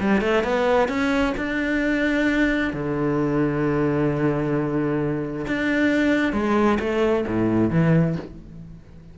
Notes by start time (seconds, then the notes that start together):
0.00 G3
0.21 A3
0.44 B3
0.88 C#4
1.37 D4
2.73 D3
5.47 D4
6.33 G#3
6.80 A3
7.27 A2
7.70 E3